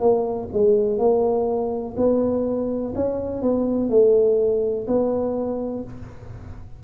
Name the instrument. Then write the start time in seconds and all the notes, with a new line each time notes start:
tuba
0.00 A#3
0.53 G#3
0.99 A#3
1.97 B3
2.95 C#4
3.42 B3
3.90 A3
4.87 B3